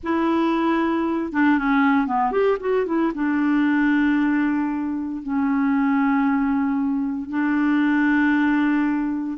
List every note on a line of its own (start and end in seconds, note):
0.03 1.32 E4
1.32 1.58 D4
1.58 2.07 C#4
2.07 2.31 B3
2.31 2.57 G4
2.60 2.86 F#4
2.86 3.12 E4
3.14 5.22 D4
5.22 7.29 C#4
7.29 9.38 D4